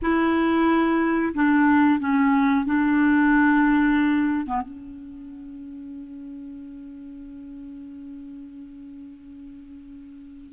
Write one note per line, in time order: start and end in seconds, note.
0.01 1.33 E4
1.34 1.99 D4
1.99 2.65 C#4
2.65 4.46 D4
4.46 4.61 B3
4.61 10.53 C#4